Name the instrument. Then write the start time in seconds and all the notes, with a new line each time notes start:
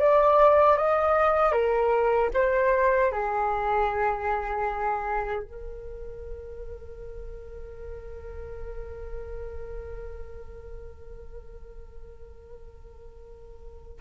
flute
0.00 D5
0.78 D#5
1.53 A#4
2.34 C5
3.12 G#4
5.43 A#4